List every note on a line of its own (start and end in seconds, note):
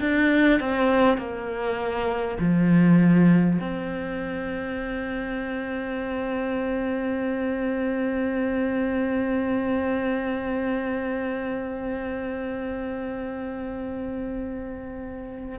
0.00 0.60 D4
0.60 1.18 C4
1.18 2.38 A#3
2.39 3.59 F3
3.61 15.59 C4